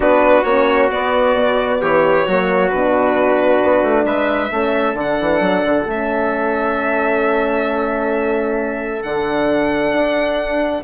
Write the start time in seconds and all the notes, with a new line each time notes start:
0.00 B3 D4 F#4 B4
0.44 A#3 C#4 C#5
0.90 B3 D5
1.34 B2
1.80 E3 G4 C#5
2.25 F#3 A#3 F#4
2.69 B2 D4 B4
3.63 B3
3.82 A3
4.05 G#3 B4 E5
4.51 A3 C#4 A4
4.94 D3 D4
5.00 F#5
5.20 E3
5.40 F#3
5.64 D3
5.86 A3 C#4 E5
9.02 D3 D4 F#5
9.92 D4